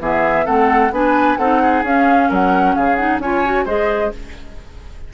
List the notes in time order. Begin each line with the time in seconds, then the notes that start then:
0.00 E3 B3 G#4 E5
0.45 A3 C4 A4 F#5
0.91 B3 D4 B4 G#5
1.37 C4 D#4 A4 F#5
1.62 G#4
1.83 C#4 F5
2.29 F#3 A#4 F#5
2.75 C#3 G#4 F5
2.96 D#4 F#5
3.19 C#4 F4 C#5 G#5
3.45 F#4
3.65 G#3 G#4 C5 D#5